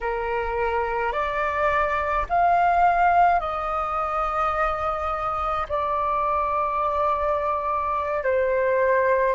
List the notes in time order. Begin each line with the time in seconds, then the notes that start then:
0.01 A#4
1.12 D5
2.29 F5
3.40 D#5
5.69 D5
8.23 C5